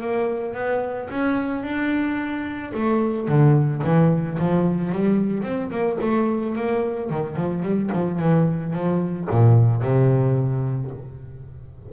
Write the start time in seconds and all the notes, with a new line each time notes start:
0.00 A#3
0.54 B3
1.10 C#4
1.63 D4
2.73 A3
3.28 D3
3.83 E3
4.38 F3
4.91 G3
5.42 C4
5.70 A#3
6.01 A3
6.55 A#3
7.10 D#3
7.36 F3
7.62 G3
7.92 F3
8.19 E3
8.73 F3
9.30 A#2
9.81 C3